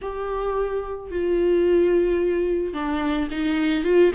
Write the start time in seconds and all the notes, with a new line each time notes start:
0.01 G4
1.10 F4
2.73 D4
3.31 D#4
3.84 F4